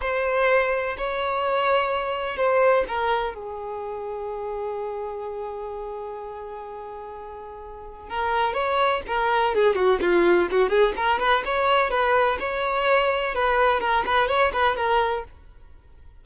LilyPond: \new Staff \with { instrumentName = "violin" } { \time 4/4 \tempo 4 = 126 c''2 cis''2~ | cis''4 c''4 ais'4 gis'4~ | gis'1~ | gis'1~ |
gis'4 ais'4 cis''4 ais'4 | gis'8 fis'8 f'4 fis'8 gis'8 ais'8 b'8 | cis''4 b'4 cis''2 | b'4 ais'8 b'8 cis''8 b'8 ais'4 | }